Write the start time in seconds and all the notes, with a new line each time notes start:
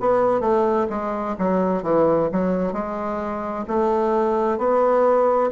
0.00 B3
0.40 A3
0.89 G#3
1.38 F#3
1.83 E3
2.32 F#3
2.73 G#3
3.67 A3
4.58 B3